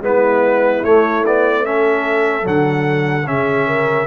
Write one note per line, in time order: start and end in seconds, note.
0.00 0.81 G#3
0.00 0.83 B3
0.00 1.64 E4
0.00 0.84 B4
0.82 2.44 A3
0.82 1.24 A3
0.82 1.24 C#5
1.25 1.64 B3
1.25 1.65 D5
1.64 2.41 C#4
1.64 3.27 A4
1.64 2.46 E5
2.41 3.27 D3
2.41 3.22 F#3
2.41 3.27 F#5
3.26 4.06 C#3
3.26 4.06 C#4
3.26 3.67 G#4
3.26 4.06 E5
3.67 4.06 A#4